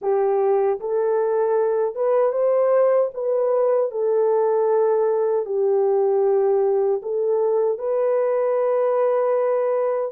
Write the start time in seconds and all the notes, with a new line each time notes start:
0.01 G4
0.80 A4
1.95 B4
2.32 C5
3.14 B4
3.91 A4
5.45 G4
7.02 A4
7.78 B4